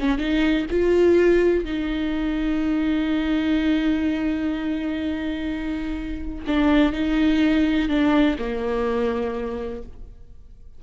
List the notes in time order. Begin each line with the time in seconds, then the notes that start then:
0.00 C#4
0.19 D#4
0.70 F4
1.65 D#4
6.48 D4
6.93 D#4
7.89 D4
8.39 A#3